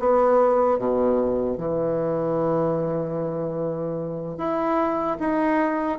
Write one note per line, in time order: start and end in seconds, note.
0.00 0.79 B3
0.79 1.58 B2
1.58 4.38 E3
4.38 5.18 E4
5.20 5.99 D#4